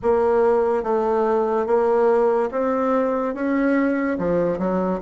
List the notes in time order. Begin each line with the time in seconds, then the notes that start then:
0.02 A#3
0.83 A3
1.66 A#3
2.51 C4
3.34 C#4
4.18 F3
4.58 F#3